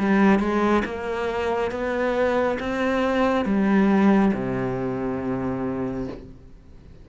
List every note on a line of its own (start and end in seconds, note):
0.00 0.40 G3
0.40 0.83 G#3
0.85 1.72 A#3
1.72 2.58 B3
2.60 3.45 C4
3.45 4.32 G3
4.34 6.08 C3